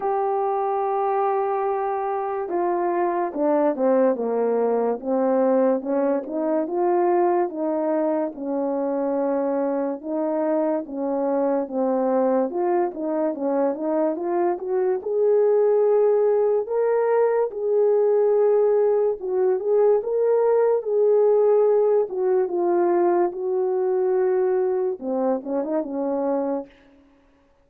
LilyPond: \new Staff \with { instrumentName = "horn" } { \time 4/4 \tempo 4 = 72 g'2. f'4 | d'8 c'8 ais4 c'4 cis'8 dis'8 | f'4 dis'4 cis'2 | dis'4 cis'4 c'4 f'8 dis'8 |
cis'8 dis'8 f'8 fis'8 gis'2 | ais'4 gis'2 fis'8 gis'8 | ais'4 gis'4. fis'8 f'4 | fis'2 c'8 cis'16 dis'16 cis'4 | }